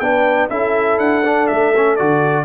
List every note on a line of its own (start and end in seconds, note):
0.00 0.49 B3
0.00 0.50 D4
0.00 0.51 B4
0.00 0.49 G5
0.50 0.99 C#4
0.50 1.24 E4
0.50 2.45 A4
0.50 0.99 E5
0.99 1.48 D4
0.99 1.47 F#5
1.25 1.74 D4
1.47 2.00 A3
1.47 1.97 E5
1.76 1.99 C#4
1.97 2.45 D3
1.97 2.45 F#4
1.97 2.45 D5